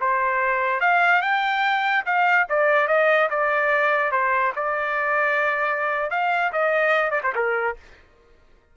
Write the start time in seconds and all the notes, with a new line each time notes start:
0.00 C5
0.80 F5
1.22 G5
2.05 F5
2.49 D5
2.88 D#5
3.30 D5
4.11 C5
4.55 D5
6.10 F5
6.52 D#5
7.11 D5
7.23 C5
7.35 A#4